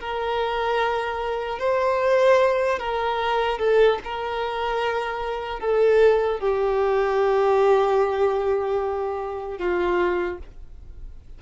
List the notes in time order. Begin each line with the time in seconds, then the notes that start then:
0.00 A#4
1.59 C5
2.79 A#4
3.58 A4
4.04 A#4
5.60 A4
6.40 G4
9.58 F4